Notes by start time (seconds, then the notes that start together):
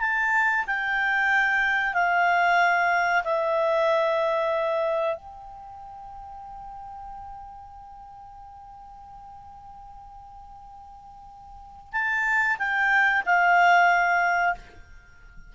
0.00 A5
0.66 G5
1.94 F5
3.24 E5
5.16 G5
11.92 A5
12.58 G5
13.26 F5